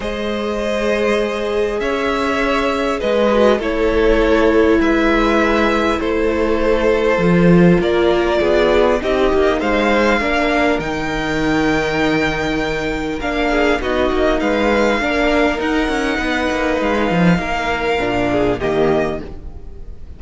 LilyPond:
<<
  \new Staff \with { instrumentName = "violin" } { \time 4/4 \tempo 4 = 100 dis''2. e''4~ | e''4 dis''4 cis''2 | e''2 c''2~ | c''4 d''2 dis''4 |
f''2 g''2~ | g''2 f''4 dis''4 | f''2 fis''2 | f''2. dis''4 | }
  \new Staff \with { instrumentName = "violin" } { \time 4/4 c''2. cis''4~ | cis''4 b'4 a'2 | b'2 a'2~ | a'4 ais'4 gis'4 g'4 |
c''4 ais'2.~ | ais'2~ ais'8 gis'8 fis'4 | b'4 ais'2 b'4~ | b'4 ais'4. gis'8 g'4 | }
  \new Staff \with { instrumentName = "viola" } { \time 4/4 gis'1~ | gis'4. fis'8 e'2~ | e'1 | f'2. dis'4~ |
dis'4 d'4 dis'2~ | dis'2 d'4 dis'4~ | dis'4 d'4 dis'2~ | dis'2 d'4 ais4 | }
  \new Staff \with { instrumentName = "cello" } { \time 4/4 gis2. cis'4~ | cis'4 gis4 a2 | gis2 a2 | f4 ais4 b4 c'8 ais8 |
gis4 ais4 dis2~ | dis2 ais4 b8 ais8 | gis4 ais4 dis'8 cis'8 b8 ais8 | gis8 f8 ais4 ais,4 dis4 | }
>>